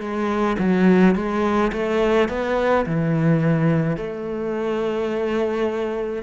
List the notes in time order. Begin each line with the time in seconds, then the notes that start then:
0.00 G#3
0.59 F#3
1.15 G#3
1.72 A3
2.29 B3
2.86 E3
3.97 A3